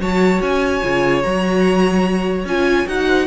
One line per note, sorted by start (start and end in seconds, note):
0.00 0.41 F#3
0.00 0.83 F#4
0.00 3.06 C#5
0.00 0.41 A5
0.41 0.82 C#4
0.41 1.22 G#5
0.83 1.24 C#3
0.83 1.24 F4
1.22 2.44 F#3
1.22 2.46 F#4
1.22 2.45 A#5
2.44 2.85 C#4
2.44 2.87 F4
2.44 2.87 G#5
2.87 3.27 D#4
2.87 3.27 F#4
2.87 3.27 F#5
3.06 3.27 C5